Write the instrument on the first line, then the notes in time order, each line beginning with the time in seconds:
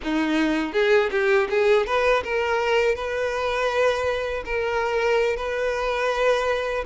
violin
0.03 D#4
0.72 G#4
1.11 G4
1.50 G#4
1.86 B4
2.23 A#4
2.95 B4
4.45 A#4
5.36 B4